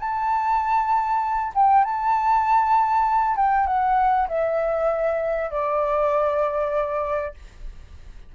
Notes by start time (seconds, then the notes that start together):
0.00 A5
1.55 G5
1.85 A5
3.37 G5
3.67 F#5
4.29 E5
5.51 D5